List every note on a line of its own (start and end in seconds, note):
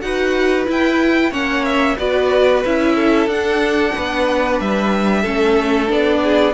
0.00 0.67 D#4
0.00 0.65 F#4
0.00 1.30 B4
0.00 0.65 F#5
0.65 1.30 E4
0.65 1.31 E4
0.65 1.32 G5
1.30 1.96 A#3
1.30 1.97 C#4
1.30 1.96 C#5
1.30 1.64 F#5
1.64 1.97 E5
1.97 2.63 B3
1.97 2.62 F#4
1.97 2.95 B4
1.97 2.63 D5
2.64 3.26 C#4
2.64 3.28 E4
2.64 3.29 E5
2.95 3.93 A4
3.26 3.91 D4
3.26 5.24 D4
3.26 4.59 F#5
3.96 4.59 B3
3.96 5.21 B4
4.59 5.25 G3
4.59 5.90 E5
5.21 5.89 A3
5.21 5.87 C#4
5.21 6.19 A4
5.87 6.53 B3
5.87 6.52 D4
5.87 6.53 D5
6.23 6.53 G#4